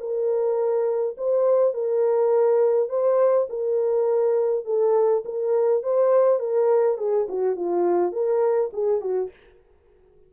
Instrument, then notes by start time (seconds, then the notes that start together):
horn
0.00 A#4
1.18 C5
1.74 A#4
2.89 C5
3.50 A#4
4.65 A4
5.25 A#4
5.84 C5
6.40 A#4
6.98 G#4
7.29 F#4
7.56 F4
8.12 A#4
8.73 G#4
9.01 F#4